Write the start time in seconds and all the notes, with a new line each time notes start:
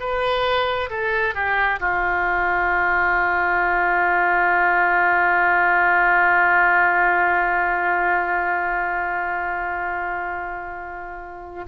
0.00 B4
0.90 A4
1.35 G4
1.80 F4